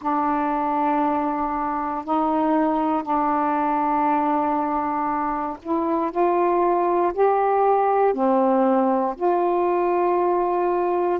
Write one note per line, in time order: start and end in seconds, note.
0.01 2.04 D4
2.04 3.02 D#4
3.02 5.57 D4
5.62 6.11 E4
6.11 7.12 F4
7.13 8.14 G4
8.14 9.15 C4
9.16 11.19 F4